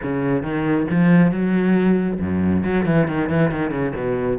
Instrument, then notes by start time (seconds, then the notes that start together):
cello
0.02 C#3
0.42 D#3
0.90 F3
1.31 F#3
2.20 F#2
2.64 F#3
2.85 E3
3.07 D#3
3.29 E3
3.51 D#3
3.70 C#3
3.95 B2